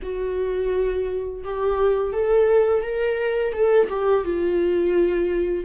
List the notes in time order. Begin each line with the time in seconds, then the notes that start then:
0.02 F#4
1.44 G4
2.12 A4
2.82 A#4
3.53 A4
3.89 G4
4.24 F4